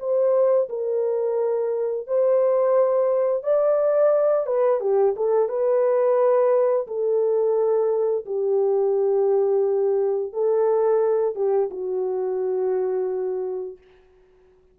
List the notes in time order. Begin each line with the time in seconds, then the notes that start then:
0.00 C5
0.70 A#4
2.08 C5
3.44 D5
4.47 B4
4.81 G4
5.17 A4
5.49 B4
6.88 A4
8.26 G4
10.33 A4
11.36 G4
11.71 F#4